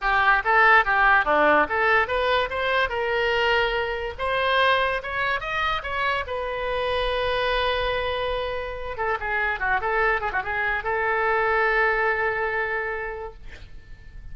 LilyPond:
\new Staff \with { instrumentName = "oboe" } { \time 4/4 \tempo 4 = 144 g'4 a'4 g'4 d'4 | a'4 b'4 c''4 ais'4~ | ais'2 c''2 | cis''4 dis''4 cis''4 b'4~ |
b'1~ | b'4. a'8 gis'4 fis'8 a'8~ | a'8 gis'16 fis'16 gis'4 a'2~ | a'1 | }